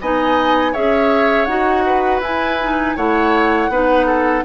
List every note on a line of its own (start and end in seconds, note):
0.00 0.74 B3
0.00 0.74 D#4
0.00 0.72 D#5
0.00 0.74 G#5
0.72 1.46 C#4
0.72 1.48 G#4
0.72 1.83 C#5
0.72 1.45 E5
1.45 2.20 D#4
1.45 2.22 F#4
1.45 2.19 F#5
1.86 2.96 B4
2.20 2.94 E4
2.20 2.60 E4
2.20 2.96 G#5
2.61 2.96 D#4
2.96 3.68 A3
2.96 3.71 E4
2.96 3.70 C#5
2.96 4.44 F#5
3.68 4.42 B3
3.68 4.44 D#4
3.68 4.06 B4
4.06 4.43 A4